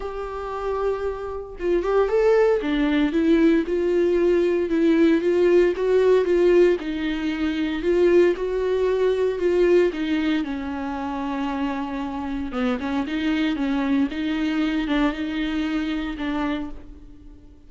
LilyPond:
\new Staff \with { instrumentName = "viola" } { \time 4/4 \tempo 4 = 115 g'2. f'8 g'8 | a'4 d'4 e'4 f'4~ | f'4 e'4 f'4 fis'4 | f'4 dis'2 f'4 |
fis'2 f'4 dis'4 | cis'1 | b8 cis'8 dis'4 cis'4 dis'4~ | dis'8 d'8 dis'2 d'4 | }